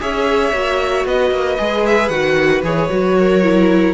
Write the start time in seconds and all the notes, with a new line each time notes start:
0.00 C#4 G#4 C#5 E5
0.53 A#3 F#4
1.05 B3 B4 D#5
1.31 A#3
1.59 G#3 G#4
1.86 E5
2.09 D#3 F#4 F#5
2.63 E3 G#4 C#5
2.90 F#3 F#4
3.18 A#4
3.43 E4